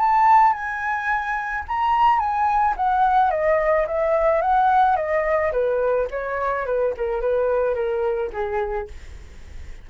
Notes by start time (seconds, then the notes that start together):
0.00 A5
0.53 G#5
1.68 A#5
2.19 G#5
2.77 F#5
3.31 D#5
3.88 E5
4.42 F#5
4.97 D#5
5.53 B4
6.11 C#5
6.66 B4
6.97 A#4
7.21 B4
7.75 A#4
8.33 G#4